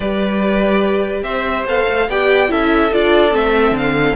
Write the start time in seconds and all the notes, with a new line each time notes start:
0.00 G3 G4 B4 D5
1.22 C4 C5 E5
1.65 B3 A4 F5
1.87 A3
2.08 B3 G4 D5 G5
2.48 C#4 E4 A4 E5
2.92 D4 F4 D5
3.31 A3 C4 E5
3.71 D3 F5